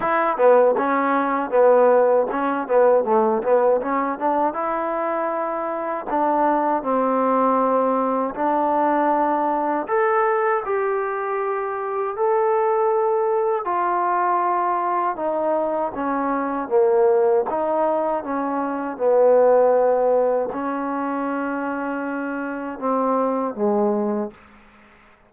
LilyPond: \new Staff \with { instrumentName = "trombone" } { \time 4/4 \tempo 4 = 79 e'8 b8 cis'4 b4 cis'8 b8 | a8 b8 cis'8 d'8 e'2 | d'4 c'2 d'4~ | d'4 a'4 g'2 |
a'2 f'2 | dis'4 cis'4 ais4 dis'4 | cis'4 b2 cis'4~ | cis'2 c'4 gis4 | }